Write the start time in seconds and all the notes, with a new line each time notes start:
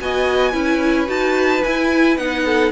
0.00 B3 F#4 D#5 G#5
0.52 C#4 E4 B4
1.06 D#4 F#4 A5
1.63 E4 G#5
2.17 B3 D#4 F#5
2.45 A4